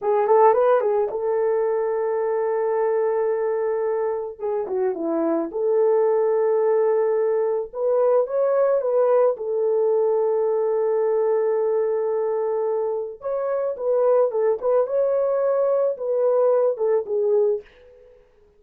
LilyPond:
\new Staff \with { instrumentName = "horn" } { \time 4/4 \tempo 4 = 109 gis'8 a'8 b'8 gis'8 a'2~ | a'1 | gis'8 fis'8 e'4 a'2~ | a'2 b'4 cis''4 |
b'4 a'2.~ | a'1 | cis''4 b'4 a'8 b'8 cis''4~ | cis''4 b'4. a'8 gis'4 | }